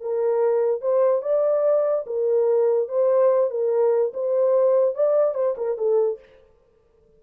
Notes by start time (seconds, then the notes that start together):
0.00 A#4
0.81 C5
1.22 D5
2.06 A#4
2.88 C5
3.50 A#4
4.13 C5
4.94 D5
5.34 C5
5.57 A#4
5.77 A4